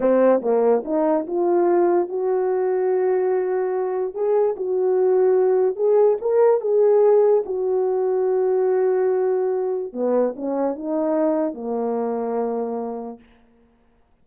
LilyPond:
\new Staff \with { instrumentName = "horn" } { \time 4/4 \tempo 4 = 145 c'4 ais4 dis'4 f'4~ | f'4 fis'2.~ | fis'2 gis'4 fis'4~ | fis'2 gis'4 ais'4 |
gis'2 fis'2~ | fis'1 | b4 cis'4 dis'2 | ais1 | }